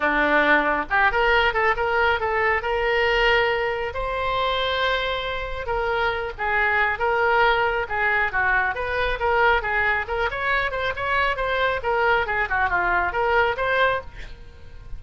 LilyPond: \new Staff \with { instrumentName = "oboe" } { \time 4/4 \tempo 4 = 137 d'2 g'8 ais'4 a'8 | ais'4 a'4 ais'2~ | ais'4 c''2.~ | c''4 ais'4. gis'4. |
ais'2 gis'4 fis'4 | b'4 ais'4 gis'4 ais'8 cis''8~ | cis''8 c''8 cis''4 c''4 ais'4 | gis'8 fis'8 f'4 ais'4 c''4 | }